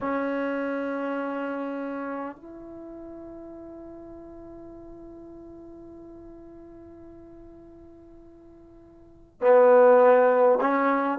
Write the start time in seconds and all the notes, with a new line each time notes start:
0.00 C#4
2.35 E4
9.41 B3
10.60 C#4